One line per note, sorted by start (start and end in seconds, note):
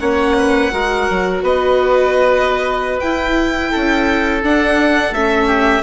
0.00 0.71 A#3
0.00 0.71 C#4
0.00 0.36 C#5
0.00 1.41 F#5
0.38 0.73 B4
0.71 1.08 G#3
0.71 3.01 F#4
0.71 1.43 A#4
1.10 1.42 F#3
1.42 3.01 B3
1.42 3.71 B4
1.42 3.00 D#5
3.00 4.43 E4
3.00 3.73 E4
3.00 4.41 G5
3.71 4.43 C#4
3.71 5.46 A4
4.43 5.11 D4
4.43 5.14 D4
4.43 5.14 F#5
5.11 5.82 A3
5.11 5.83 C#4
5.11 5.83 E5
5.46 5.82 G4